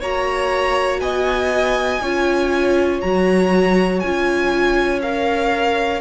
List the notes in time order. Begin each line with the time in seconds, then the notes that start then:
0.00 A#3 F#4 C#5 A#5
1.00 B3 D#5 G#5
2.02 C#4 F4 C#5
3.01 F#3 F#4 A#5
4.00 C#4 F4 G#5
5.01 A#4 F5